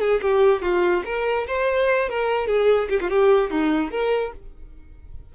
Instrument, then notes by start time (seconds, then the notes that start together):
violin
0.00 G#4
0.21 G4
0.62 F4
1.05 A#4
1.47 C5
2.09 A#4
2.47 G#4
2.89 G4
3.00 F4
3.10 G4
3.50 D#4
3.91 A#4